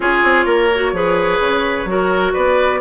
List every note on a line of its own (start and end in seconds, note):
0.00 0.21 C#4
0.00 0.70 F4
0.00 0.45 G#4
0.00 2.34 C#5
0.23 0.45 C4
0.45 0.92 A#3
0.45 0.92 A#4
0.74 0.94 F#4
0.92 1.39 F3
0.92 1.87 G#4
0.92 1.89 B4
1.39 1.85 C#3
1.85 2.31 F#3
1.85 2.80 F#4
1.85 2.33 A#4
2.33 2.81 B3
2.33 2.80 B4
2.33 2.81 D5